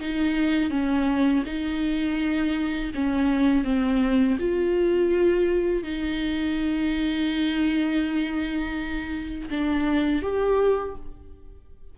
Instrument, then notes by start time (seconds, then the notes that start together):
viola
0.00 D#4
0.70 C#4
1.45 D#4
2.94 C#4
3.64 C4
4.39 F4
5.83 D#4
9.50 D4
10.22 G4